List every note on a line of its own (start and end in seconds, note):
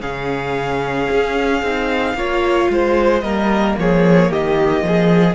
0.00 1.08 C#3
0.00 1.61 C#4
0.00 2.15 G#4
0.00 3.20 F5
1.11 1.62 C#4
1.62 2.14 C4
1.62 2.17 D#4
2.14 2.67 A#3
2.14 3.23 F4
2.14 2.71 C#5
2.69 3.22 G#3
2.69 3.23 C5
3.20 3.75 G3
3.20 5.34 A#3
3.20 3.77 A#4
3.20 3.74 D#5
3.77 4.30 F3
3.77 4.30 G#4
3.77 4.32 C#5
4.30 4.81 D#3
4.30 4.84 G4
4.30 5.34 D#5
4.81 5.34 F3
4.81 5.34 G#4